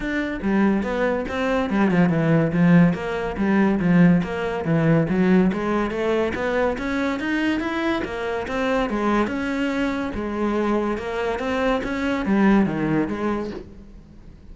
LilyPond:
\new Staff \with { instrumentName = "cello" } { \time 4/4 \tempo 4 = 142 d'4 g4 b4 c'4 | g8 f8 e4 f4 ais4 | g4 f4 ais4 e4 | fis4 gis4 a4 b4 |
cis'4 dis'4 e'4 ais4 | c'4 gis4 cis'2 | gis2 ais4 c'4 | cis'4 g4 dis4 gis4 | }